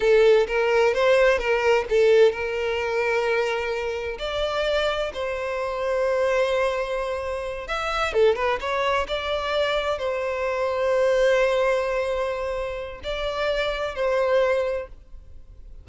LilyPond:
\new Staff \with { instrumentName = "violin" } { \time 4/4 \tempo 4 = 129 a'4 ais'4 c''4 ais'4 | a'4 ais'2.~ | ais'4 d''2 c''4~ | c''1~ |
c''8 e''4 a'8 b'8 cis''4 d''8~ | d''4. c''2~ c''8~ | c''1 | d''2 c''2 | }